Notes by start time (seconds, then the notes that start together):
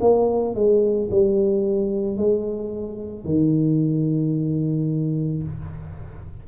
0.00 A#3
0.54 G#3
1.11 G3
2.17 G#3
3.24 D#3